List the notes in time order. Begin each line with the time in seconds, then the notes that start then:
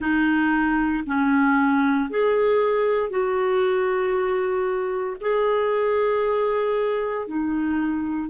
0.00 D#4
1.06 C#4
2.09 G#4
3.09 F#4
5.20 G#4
7.27 D#4